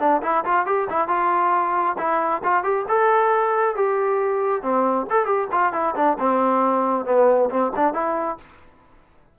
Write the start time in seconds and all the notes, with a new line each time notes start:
0.00 D4
0.23 E4
0.45 F4
0.66 G4
0.90 E4
1.08 F4
1.98 E4
2.44 F4
2.64 G4
2.89 A4
3.76 G4
4.63 C4
5.10 A4
5.26 G4
5.52 F4
5.73 E4
5.96 D4
6.19 C4
7.06 B3
7.50 C4
7.76 D4
7.94 E4